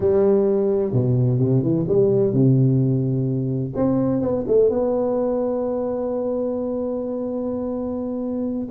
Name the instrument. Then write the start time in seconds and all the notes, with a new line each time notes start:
tuba
0.00 G3
0.92 B2
1.39 C3
1.63 E3
1.88 G3
2.33 C3
3.75 C4
4.21 B3
4.47 A3
4.69 B3